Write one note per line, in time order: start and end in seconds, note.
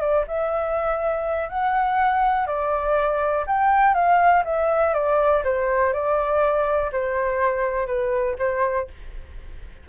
0.00 0.25 D5
0.27 1.49 E5
1.49 2.46 F#5
2.46 3.45 D5
3.46 3.94 G5
3.94 4.43 F5
4.45 4.94 E5
4.94 5.43 D5
5.44 5.93 C5
5.93 6.91 D5
6.92 7.86 C5
7.86 8.36 B4
8.39 8.88 C5